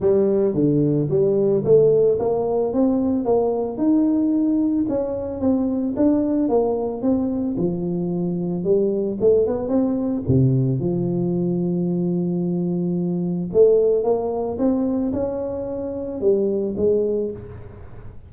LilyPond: \new Staff \with { instrumentName = "tuba" } { \time 4/4 \tempo 4 = 111 g4 d4 g4 a4 | ais4 c'4 ais4 dis'4~ | dis'4 cis'4 c'4 d'4 | ais4 c'4 f2 |
g4 a8 b8 c'4 c4 | f1~ | f4 a4 ais4 c'4 | cis'2 g4 gis4 | }